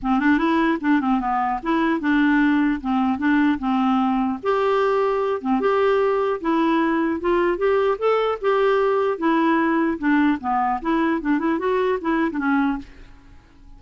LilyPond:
\new Staff \with { instrumentName = "clarinet" } { \time 4/4 \tempo 4 = 150 c'8 d'8 e'4 d'8 c'8 b4 | e'4 d'2 c'4 | d'4 c'2 g'4~ | g'4. c'8 g'2 |
e'2 f'4 g'4 | a'4 g'2 e'4~ | e'4 d'4 b4 e'4 | d'8 e'8 fis'4 e'8. d'16 cis'4 | }